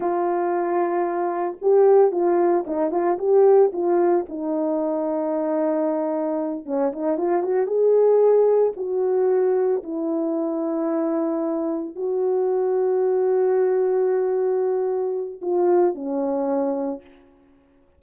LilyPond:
\new Staff \with { instrumentName = "horn" } { \time 4/4 \tempo 4 = 113 f'2. g'4 | f'4 dis'8 f'8 g'4 f'4 | dis'1~ | dis'8 cis'8 dis'8 f'8 fis'8 gis'4.~ |
gis'8 fis'2 e'4.~ | e'2~ e'8 fis'4.~ | fis'1~ | fis'4 f'4 cis'2 | }